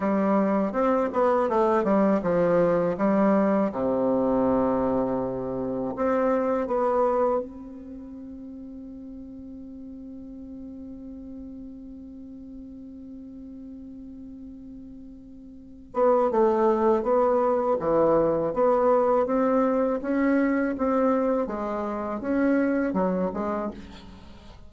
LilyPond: \new Staff \with { instrumentName = "bassoon" } { \time 4/4 \tempo 4 = 81 g4 c'8 b8 a8 g8 f4 | g4 c2. | c'4 b4 c'2~ | c'1~ |
c'1~ | c'4. b8 a4 b4 | e4 b4 c'4 cis'4 | c'4 gis4 cis'4 fis8 gis8 | }